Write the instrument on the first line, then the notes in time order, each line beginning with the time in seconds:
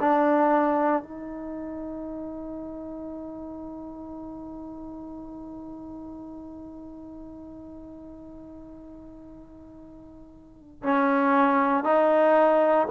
trombone
0.00 D4
1.03 D#4
10.82 C#4
11.84 D#4